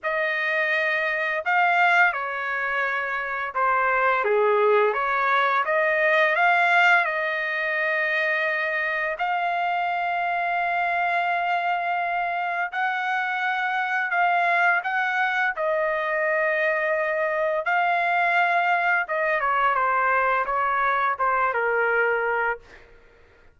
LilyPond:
\new Staff \with { instrumentName = "trumpet" } { \time 4/4 \tempo 4 = 85 dis''2 f''4 cis''4~ | cis''4 c''4 gis'4 cis''4 | dis''4 f''4 dis''2~ | dis''4 f''2.~ |
f''2 fis''2 | f''4 fis''4 dis''2~ | dis''4 f''2 dis''8 cis''8 | c''4 cis''4 c''8 ais'4. | }